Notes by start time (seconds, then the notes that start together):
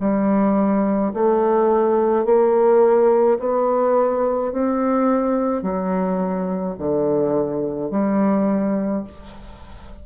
0.00 G3
1.13 A3
2.25 A#3
3.39 B3
4.52 C4
5.62 F#3
6.78 D3
7.91 G3